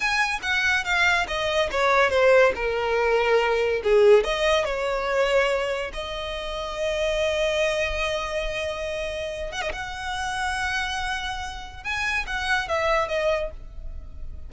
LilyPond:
\new Staff \with { instrumentName = "violin" } { \time 4/4 \tempo 4 = 142 gis''4 fis''4 f''4 dis''4 | cis''4 c''4 ais'2~ | ais'4 gis'4 dis''4 cis''4~ | cis''2 dis''2~ |
dis''1~ | dis''2~ dis''8 fis''16 dis''16 fis''4~ | fis''1 | gis''4 fis''4 e''4 dis''4 | }